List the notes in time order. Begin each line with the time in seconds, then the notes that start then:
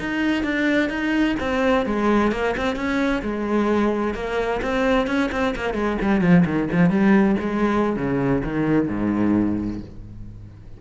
0.00 D#4
0.44 D4
0.90 D#4
1.40 C4
1.86 G#3
2.32 A#3
2.57 C4
2.76 C#4
3.23 G#3
4.15 A#3
4.62 C4
5.07 C#4
5.32 C4
5.56 A#3
5.74 G#3
6.02 G3
6.21 F3
6.46 D#3
6.73 F3
6.90 G3
7.40 G#3
7.97 C#3
8.44 D#3
8.88 G#2